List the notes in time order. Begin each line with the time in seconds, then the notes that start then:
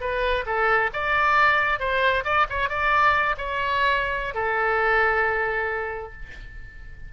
0.00 B4
0.46 A4
0.93 D5
1.79 C5
2.24 D5
2.49 C#5
2.69 D5
3.37 C#5
4.34 A4